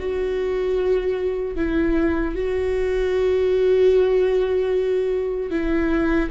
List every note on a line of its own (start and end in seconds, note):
0.00 1.56 F#4
1.56 2.35 E4
2.35 5.51 F#4
5.51 6.30 E4